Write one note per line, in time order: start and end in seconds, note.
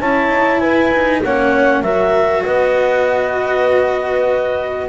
0.00 0.29 C#4
0.00 0.93 E4
0.00 0.61 C#5
0.00 0.59 A5
0.29 0.59 D#4
0.59 1.21 E4
0.59 1.22 B4
0.59 1.21 G#5
0.93 1.24 D#4
1.24 1.82 A#3
1.24 1.83 C#4
1.24 1.85 C#5
1.24 1.82 F#5
1.82 2.43 F#3
1.82 4.89 F#4
1.82 2.46 A#4
1.82 2.44 E5
2.44 4.89 B3
2.44 4.89 B4
2.44 4.89 D#5